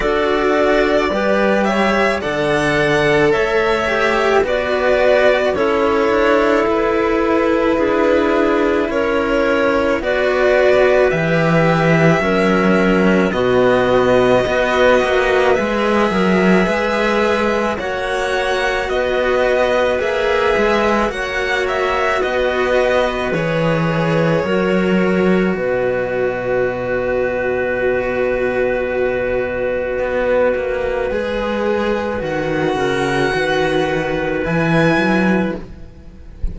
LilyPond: <<
  \new Staff \with { instrumentName = "violin" } { \time 4/4 \tempo 4 = 54 d''4. e''8 fis''4 e''4 | d''4 cis''4 b'2 | cis''4 d''4 e''2 | dis''2 e''2 |
fis''4 dis''4 e''4 fis''8 e''8 | dis''4 cis''2 dis''4~ | dis''1~ | dis''4 fis''2 gis''4 | }
  \new Staff \with { instrumentName = "clarinet" } { \time 4/4 a'4 b'8 cis''8 d''4 cis''4 | b'4 a'2 gis'4 | ais'4 b'2 ais'4 | fis'4 b'4. ais'8 b'4 |
cis''4 b'2 cis''4 | b'2 ais'4 b'4~ | b'1~ | b'4. ais'8 b'2 | }
  \new Staff \with { instrumentName = "cello" } { \time 4/4 fis'4 g'4 a'4. g'8 | fis'4 e'2.~ | e'4 fis'4 g'4 cis'4 | b4 fis'4 gis'2 |
fis'2 gis'4 fis'4~ | fis'4 gis'4 fis'2~ | fis'1 | gis'4 fis'2 e'4 | }
  \new Staff \with { instrumentName = "cello" } { \time 4/4 d'4 g4 d4 a4 | b4 cis'8 d'8 e'4 d'4 | cis'4 b4 e4 fis4 | b,4 b8 ais8 gis8 fis8 gis4 |
ais4 b4 ais8 gis8 ais4 | b4 e4 fis4 b,4~ | b,2. b8 ais8 | gis4 dis8 cis8 dis4 e8 fis8 | }
>>